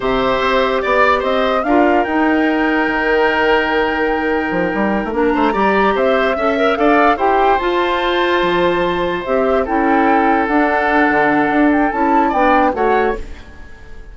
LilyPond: <<
  \new Staff \with { instrumentName = "flute" } { \time 4/4 \tempo 4 = 146 e''2 d''4 dis''4 | f''4 g''2.~ | g''1~ | g''8 ais''2 e''4.~ |
e''8 f''4 g''4 a''4.~ | a''2~ a''8 e''4 g''8~ | g''4. fis''2~ fis''8~ | fis''8 g''8 a''4 g''4 fis''4 | }
  \new Staff \with { instrumentName = "oboe" } { \time 4/4 c''2 d''4 c''4 | ais'1~ | ais'1~ | ais'4 c''8 d''4 c''4 e''8~ |
e''8 d''4 c''2~ c''8~ | c''2.~ c''8 a'8~ | a'1~ | a'2 d''4 cis''4 | }
  \new Staff \with { instrumentName = "clarinet" } { \time 4/4 g'1 | f'4 dis'2.~ | dis'1~ | dis'8 d'4 g'2 a'8 |
ais'8 a'4 g'4 f'4.~ | f'2~ f'8 g'4 e'8~ | e'4. d'2~ d'8~ | d'4 e'4 d'4 fis'4 | }
  \new Staff \with { instrumentName = "bassoon" } { \time 4/4 c4 c'4 b4 c'4 | d'4 dis'2 dis4~ | dis2. f8 g8~ | g16 a16 ais8 a8 g4 c'4 cis'8~ |
cis'8 d'4 e'4 f'4.~ | f'8 f2 c'4 cis'8~ | cis'4. d'4. d4 | d'4 cis'4 b4 a4 | }
>>